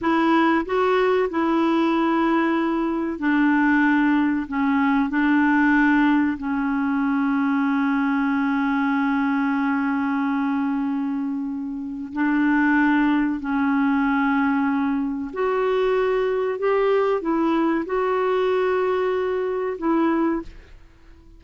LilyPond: \new Staff \with { instrumentName = "clarinet" } { \time 4/4 \tempo 4 = 94 e'4 fis'4 e'2~ | e'4 d'2 cis'4 | d'2 cis'2~ | cis'1~ |
cis'2. d'4~ | d'4 cis'2. | fis'2 g'4 e'4 | fis'2. e'4 | }